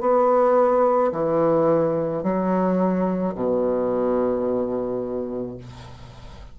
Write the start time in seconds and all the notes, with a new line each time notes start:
0.00 B3
1.12 E3
2.23 F#3
3.34 B2